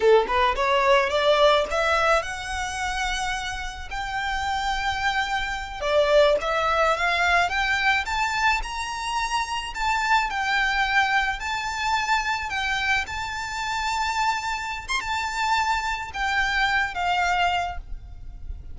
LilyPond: \new Staff \with { instrumentName = "violin" } { \time 4/4 \tempo 4 = 108 a'8 b'8 cis''4 d''4 e''4 | fis''2. g''4~ | g''2~ g''8 d''4 e''8~ | e''8 f''4 g''4 a''4 ais''8~ |
ais''4. a''4 g''4.~ | g''8 a''2 g''4 a''8~ | a''2~ a''8. c'''16 a''4~ | a''4 g''4. f''4. | }